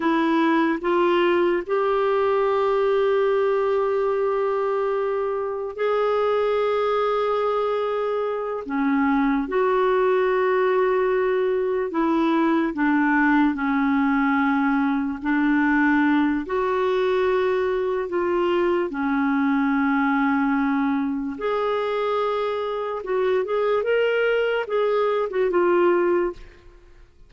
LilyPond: \new Staff \with { instrumentName = "clarinet" } { \time 4/4 \tempo 4 = 73 e'4 f'4 g'2~ | g'2. gis'4~ | gis'2~ gis'8 cis'4 fis'8~ | fis'2~ fis'8 e'4 d'8~ |
d'8 cis'2 d'4. | fis'2 f'4 cis'4~ | cis'2 gis'2 | fis'8 gis'8 ais'4 gis'8. fis'16 f'4 | }